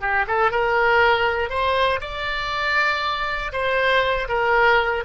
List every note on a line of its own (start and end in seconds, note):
0.00 0.25 G4
0.27 0.51 A4
0.51 1.49 A#4
1.49 2.00 C5
2.00 3.52 D5
3.52 4.28 C5
4.28 5.04 A#4